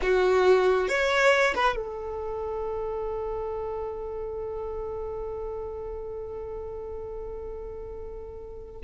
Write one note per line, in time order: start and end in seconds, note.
0.02 0.88 F#4
0.88 1.54 C#5
1.55 1.76 B4
1.76 8.82 A4